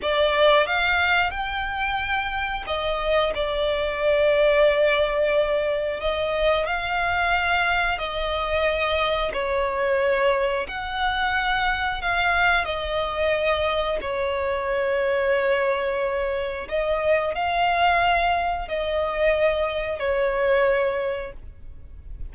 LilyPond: \new Staff \with { instrumentName = "violin" } { \time 4/4 \tempo 4 = 90 d''4 f''4 g''2 | dis''4 d''2.~ | d''4 dis''4 f''2 | dis''2 cis''2 |
fis''2 f''4 dis''4~ | dis''4 cis''2.~ | cis''4 dis''4 f''2 | dis''2 cis''2 | }